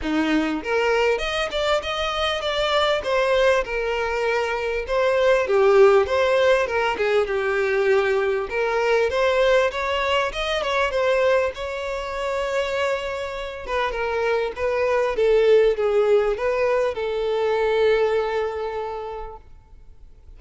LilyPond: \new Staff \with { instrumentName = "violin" } { \time 4/4 \tempo 4 = 99 dis'4 ais'4 dis''8 d''8 dis''4 | d''4 c''4 ais'2 | c''4 g'4 c''4 ais'8 gis'8 | g'2 ais'4 c''4 |
cis''4 dis''8 cis''8 c''4 cis''4~ | cis''2~ cis''8 b'8 ais'4 | b'4 a'4 gis'4 b'4 | a'1 | }